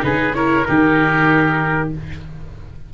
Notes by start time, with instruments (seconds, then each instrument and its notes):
0.00 tuba C#3, viola D#4, oboe G#4, trumpet B4
0.34 viola E4, oboe A#4, trumpet C#5
0.64 tuba D#3, viola D#4, oboe G4, trumpet A#4